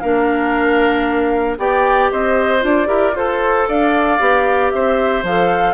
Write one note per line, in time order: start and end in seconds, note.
0.00 1.58 A#3
0.00 1.58 D4
0.00 1.59 A#4
0.00 1.57 F5
1.58 2.10 B3
1.58 2.60 G4
1.58 2.12 D5
1.58 2.11 G5
2.12 2.64 C4
2.12 2.88 C5
2.12 2.64 D#5
2.60 2.87 D4
2.60 2.86 F4
2.60 3.16 D5
2.86 3.12 E4
2.86 3.12 G4
2.86 3.14 A#4
3.12 3.65 F4
3.12 4.19 A4
3.12 3.69 A4
3.12 3.68 C5
3.69 4.20 D4
3.69 4.73 D5
3.69 4.71 F5
4.19 4.72 B3
4.19 5.24 G4
4.71 5.23 C4
4.71 5.74 C5
4.71 5.23 E5
5.23 5.74 F3
5.23 5.74 A4
5.23 5.74 F5